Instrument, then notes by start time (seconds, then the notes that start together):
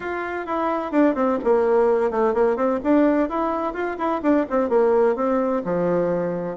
bassoon
0.00 F4
0.46 E4
0.91 D4
1.14 C4
1.43 A#3
2.11 A3
2.34 A#3
2.56 C4
2.83 D4
3.29 E4
3.73 F4
3.97 E4
4.22 D4
4.50 C4
4.69 A#3
5.15 C4
5.64 F3